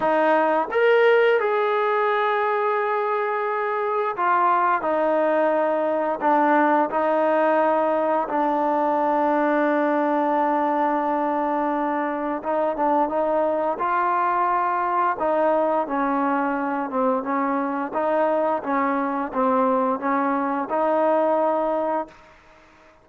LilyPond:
\new Staff \with { instrumentName = "trombone" } { \time 4/4 \tempo 4 = 87 dis'4 ais'4 gis'2~ | gis'2 f'4 dis'4~ | dis'4 d'4 dis'2 | d'1~ |
d'2 dis'8 d'8 dis'4 | f'2 dis'4 cis'4~ | cis'8 c'8 cis'4 dis'4 cis'4 | c'4 cis'4 dis'2 | }